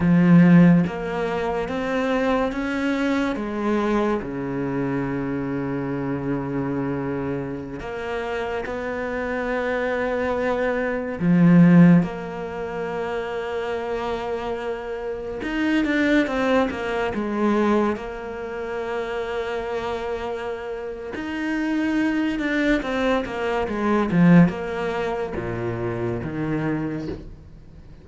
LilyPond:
\new Staff \with { instrumentName = "cello" } { \time 4/4 \tempo 4 = 71 f4 ais4 c'4 cis'4 | gis4 cis2.~ | cis4~ cis16 ais4 b4.~ b16~ | b4~ b16 f4 ais4.~ ais16~ |
ais2~ ais16 dis'8 d'8 c'8 ais16~ | ais16 gis4 ais2~ ais8.~ | ais4 dis'4. d'8 c'8 ais8 | gis8 f8 ais4 ais,4 dis4 | }